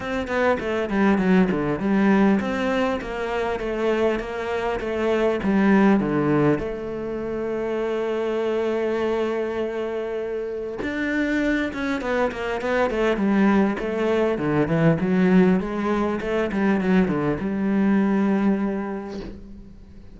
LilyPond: \new Staff \with { instrumentName = "cello" } { \time 4/4 \tempo 4 = 100 c'8 b8 a8 g8 fis8 d8 g4 | c'4 ais4 a4 ais4 | a4 g4 d4 a4~ | a1~ |
a2 d'4. cis'8 | b8 ais8 b8 a8 g4 a4 | d8 e8 fis4 gis4 a8 g8 | fis8 d8 g2. | }